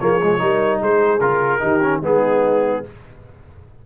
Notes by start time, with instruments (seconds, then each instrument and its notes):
0.00 tuba F3, trombone A#3, horn G#4, trumpet C#5
0.23 trombone G#3
0.39 tuba G3, trombone D#4, horn A#4
0.82 tuba G#3, horn G#4, trumpet C5
1.21 tuba C#3, trombone F4, trumpet A#4
1.60 tuba D#3, trombone D#4, horn G4
1.83 trombone C#4
2.02 tuba G#3, trombone B3, horn D#4, trumpet G#4